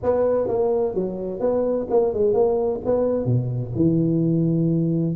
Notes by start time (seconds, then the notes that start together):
0.03 B3
0.47 A#3
0.94 F#3
1.39 B3
1.90 A#3
2.13 G#3
2.33 A#3
2.85 B3
3.25 B2
3.75 E3